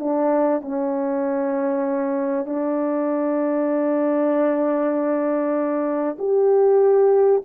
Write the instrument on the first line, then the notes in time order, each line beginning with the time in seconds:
horn
0.00 D4
0.62 C#4
2.46 D4
6.19 G4